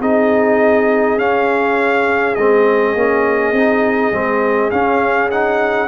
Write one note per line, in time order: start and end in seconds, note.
0.00 1.17 C4
0.00 1.18 D#4
0.00 5.88 G#4
0.00 1.19 D#5
1.17 2.35 C#4
1.17 2.36 C#4
1.17 2.35 F5
2.35 2.95 G#3
2.35 2.96 C4
2.35 4.70 D#5
2.95 3.52 A#3
2.95 3.55 C#4
3.52 4.11 C4
3.52 4.12 D#4
4.12 4.71 G#3
4.12 4.71 C4
4.71 5.30 C#4
4.71 5.88 C#4
4.71 5.30 F5
5.31 5.88 D#4
5.31 5.88 F#5